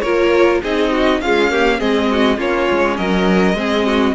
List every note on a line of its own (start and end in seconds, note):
0.00 0.62 A#3
0.00 0.62 F4
0.00 0.61 A#4
0.00 0.59 C#5
0.62 1.20 C4
0.62 1.23 D#4
0.62 0.91 G#4
0.62 1.21 D#5
0.91 1.21 F#4
1.20 1.50 G#3
1.20 1.79 C#4
1.20 1.51 F4
1.20 1.79 F5
1.50 1.79 A#3
1.50 1.79 G4
1.79 2.37 G#3
1.79 2.37 C4
1.79 2.08 G#4
1.79 2.38 D#5
2.11 2.37 F#4
2.37 2.67 A#3
2.37 3.55 C#4
2.37 2.96 F4
2.37 2.96 C#5
2.70 2.98 G#3
2.96 3.54 F#3
2.96 3.56 A#4
2.96 4.14 D#5
3.54 4.13 G#3
3.54 4.14 C4
3.54 3.86 G#4
3.86 4.14 F#4